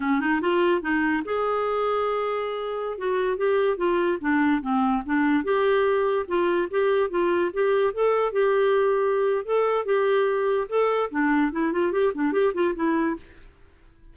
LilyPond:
\new Staff \with { instrumentName = "clarinet" } { \time 4/4 \tempo 4 = 146 cis'8 dis'8 f'4 dis'4 gis'4~ | gis'2.~ gis'16 fis'8.~ | fis'16 g'4 f'4 d'4 c'8.~ | c'16 d'4 g'2 f'8.~ |
f'16 g'4 f'4 g'4 a'8.~ | a'16 g'2~ g'8. a'4 | g'2 a'4 d'4 | e'8 f'8 g'8 d'8 g'8 f'8 e'4 | }